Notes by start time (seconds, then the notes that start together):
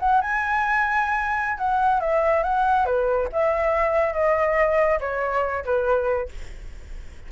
0.00 F#5
0.21 G#5
1.58 F#5
2.01 E5
2.44 F#5
2.86 B4
3.33 E5
4.14 D#5
5.00 C#5
5.65 B4